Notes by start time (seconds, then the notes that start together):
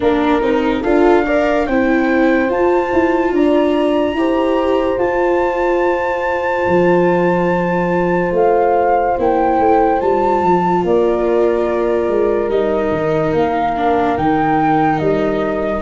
0.00 A#3 D4 A#4
0.41 C4 D#4
0.82 D4 F4 A4 F5
1.25 A#4 D5
1.66 C4 E4 C5 G5
2.48 F4 A5
2.93 E4
3.32 D4 D5 A#5
4.14 E4 G4 C5
4.98 F4 A5
6.67 F3
8.31 A3 F5
9.18 A#3 E4 G5
9.59 A3
10.00 G3 F4 A5
10.42 F3
10.84 A#3 A#4 D5
12.08 G#3
12.48 G3 D#4 D#5
12.91 D#3
13.33 A#3 F5
13.76 D4
14.16 D#3 D#4 G5
14.98 G3 D#5